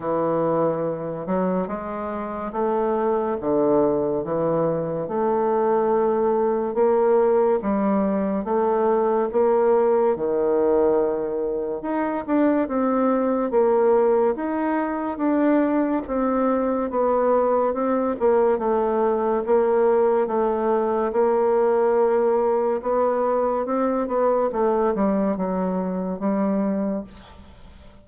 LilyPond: \new Staff \with { instrumentName = "bassoon" } { \time 4/4 \tempo 4 = 71 e4. fis8 gis4 a4 | d4 e4 a2 | ais4 g4 a4 ais4 | dis2 dis'8 d'8 c'4 |
ais4 dis'4 d'4 c'4 | b4 c'8 ais8 a4 ais4 | a4 ais2 b4 | c'8 b8 a8 g8 fis4 g4 | }